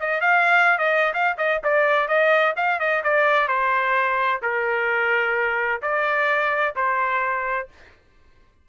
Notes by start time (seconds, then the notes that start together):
0.00 D#5
0.21 F5
0.78 D#5
1.14 F5
1.38 D#5
1.63 D5
2.08 D#5
2.56 F5
2.79 D#5
3.03 D5
3.48 C5
4.42 A#4
5.82 D5
6.75 C5